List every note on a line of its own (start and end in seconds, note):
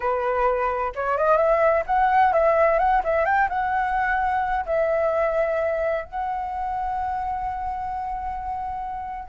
0.00 0.92 B4
0.95 1.17 C#5
1.17 1.37 D#5
1.37 1.83 E5
1.86 2.33 F#5
2.33 2.78 E5
2.78 3.02 F#5
3.04 3.25 E5
3.25 3.48 G5
3.49 4.65 F#5
4.65 6.04 E5
6.04 9.29 F#5